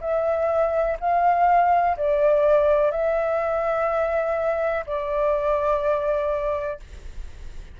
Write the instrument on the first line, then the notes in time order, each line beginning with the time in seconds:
flute
0.00 E5
0.99 F5
1.97 D5
2.91 E5
4.86 D5